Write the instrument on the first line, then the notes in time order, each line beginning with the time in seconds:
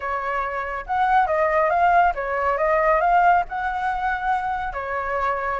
flute
0.00 C#5
0.86 F#5
1.26 D#5
1.70 F5
2.14 C#5
2.57 D#5
3.00 F5
3.48 F#5
4.73 C#5